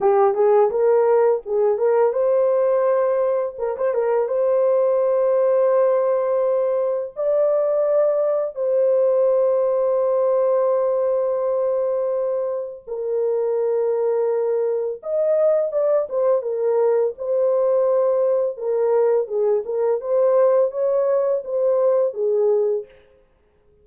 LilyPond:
\new Staff \with { instrumentName = "horn" } { \time 4/4 \tempo 4 = 84 g'8 gis'8 ais'4 gis'8 ais'8 c''4~ | c''4 ais'16 c''16 ais'8 c''2~ | c''2 d''2 | c''1~ |
c''2 ais'2~ | ais'4 dis''4 d''8 c''8 ais'4 | c''2 ais'4 gis'8 ais'8 | c''4 cis''4 c''4 gis'4 | }